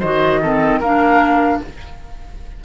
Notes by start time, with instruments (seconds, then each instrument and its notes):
0.00 cello D#3, clarinet F#4, oboe C5, flute D#5
0.42 clarinet C4, oboe A4
0.80 cello A#3, clarinet D4, oboe A#4, flute F5